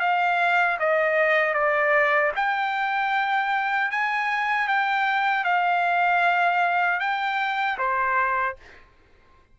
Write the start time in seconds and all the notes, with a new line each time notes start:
0.00 F5
0.80 D#5
1.54 D5
2.36 G5
3.91 G#5
4.68 G5
5.44 F5
7.00 G5
7.79 C5